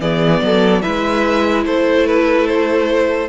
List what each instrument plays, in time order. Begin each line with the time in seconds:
0.00 cello E3, viola B3, violin G#4 D5
0.41 cello F#3, violin A4
0.81 cello G#3, viola E4, violin B4 E5
1.65 cello A3, violin A4 C5
2.07 violin B4
2.47 violin C5